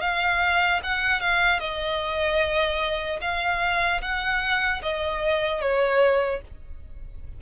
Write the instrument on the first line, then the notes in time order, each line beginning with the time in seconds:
violin
0.00 F5
0.83 F#5
1.20 F5
1.59 D#5
3.21 F5
4.01 F#5
4.82 D#5
5.61 C#5